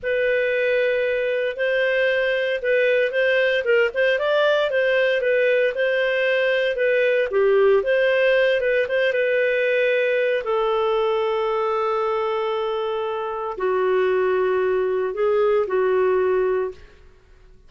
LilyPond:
\new Staff \with { instrumentName = "clarinet" } { \time 4/4 \tempo 4 = 115 b'2. c''4~ | c''4 b'4 c''4 ais'8 c''8 | d''4 c''4 b'4 c''4~ | c''4 b'4 g'4 c''4~ |
c''8 b'8 c''8 b'2~ b'8 | a'1~ | a'2 fis'2~ | fis'4 gis'4 fis'2 | }